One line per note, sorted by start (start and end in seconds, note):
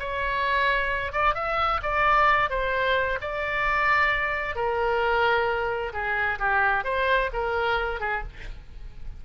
0.00 1.13 C#5
1.13 1.35 D5
1.35 1.81 E5
1.83 2.50 D5
2.50 3.19 C5
3.21 4.56 D5
4.56 5.93 A#4
5.93 6.39 G#4
6.40 6.85 G4
6.85 7.31 C5
7.33 8.01 A#4
8.01 8.24 G#4